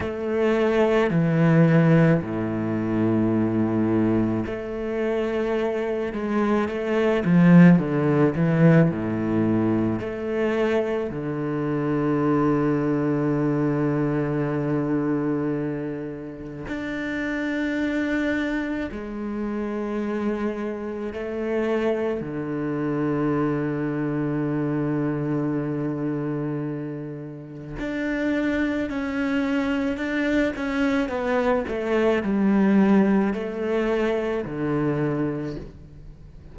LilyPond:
\new Staff \with { instrumentName = "cello" } { \time 4/4 \tempo 4 = 54 a4 e4 a,2 | a4. gis8 a8 f8 d8 e8 | a,4 a4 d2~ | d2. d'4~ |
d'4 gis2 a4 | d1~ | d4 d'4 cis'4 d'8 cis'8 | b8 a8 g4 a4 d4 | }